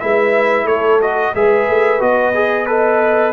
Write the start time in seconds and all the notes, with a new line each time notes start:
0.00 G#3 E4 B4 E5
0.64 A3 A4 C#5
1.01 F#4 D#5
1.35 G#3 G#4 B4 E5
1.68 A3
1.99 B3 F#4 D#5
2.34 G#4
2.66 A4 B4 D#5